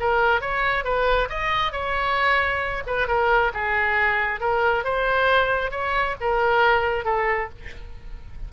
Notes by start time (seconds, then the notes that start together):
0.00 A#4
0.41 C#5
0.84 B4
1.29 D#5
1.72 C#5
2.87 B4
3.08 A#4
3.54 G#4
4.40 A#4
4.84 C5
5.71 C#5
6.21 A#4
7.05 A4